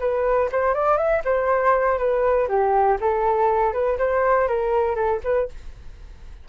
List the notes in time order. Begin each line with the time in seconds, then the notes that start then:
0.00 B4
0.52 C5
0.74 D5
0.97 E5
1.24 C5
1.98 B4
2.48 G4
3.00 A4
3.73 B4
3.98 C5
4.48 A#4
4.95 A4
5.24 B4